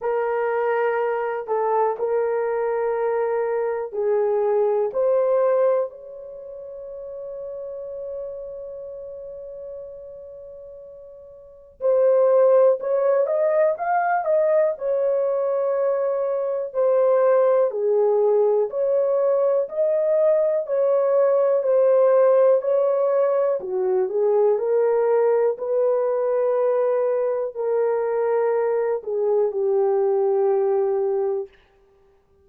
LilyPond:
\new Staff \with { instrumentName = "horn" } { \time 4/4 \tempo 4 = 61 ais'4. a'8 ais'2 | gis'4 c''4 cis''2~ | cis''1 | c''4 cis''8 dis''8 f''8 dis''8 cis''4~ |
cis''4 c''4 gis'4 cis''4 | dis''4 cis''4 c''4 cis''4 | fis'8 gis'8 ais'4 b'2 | ais'4. gis'8 g'2 | }